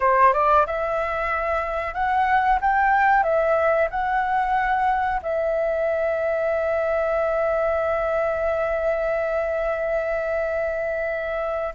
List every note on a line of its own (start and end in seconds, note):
0.00 0.33 C5
0.33 0.66 D5
0.66 1.94 E5
1.94 2.59 F#5
2.61 3.23 G5
3.23 3.88 E5
3.90 5.20 F#5
5.22 11.74 E5